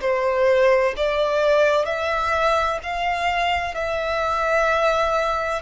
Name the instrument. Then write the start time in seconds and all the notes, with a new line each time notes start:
violin
0.00 C5
0.96 D5
1.85 E5
2.83 F5
3.74 E5